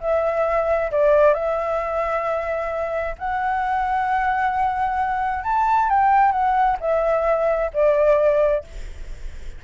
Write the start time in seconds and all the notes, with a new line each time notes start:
0.00 E5
0.92 D5
1.34 E5
3.18 F#5
5.44 A5
5.89 G5
6.32 F#5
6.80 E5
7.73 D5